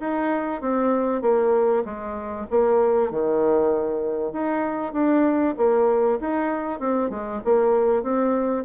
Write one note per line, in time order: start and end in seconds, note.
0.00 0.61 D#4
0.61 1.21 C4
1.21 1.83 A#3
1.84 2.46 G#3
2.50 3.11 A#3
3.11 4.32 D#3
4.32 4.93 D#4
4.93 5.54 D4
5.57 6.19 A#3
6.20 6.79 D#4
6.79 7.10 C4
7.10 7.41 G#3
7.44 8.03 A#3
8.03 8.64 C4